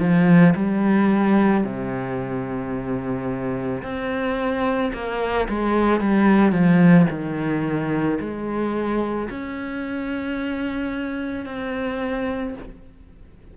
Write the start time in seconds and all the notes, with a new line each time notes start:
0.00 F3
0.56 G3
1.65 C3
3.83 C4
4.94 A#3
5.49 G#3
6.01 G3
6.52 F3
7.10 D#3
8.20 G#3
9.30 C#4
11.46 C4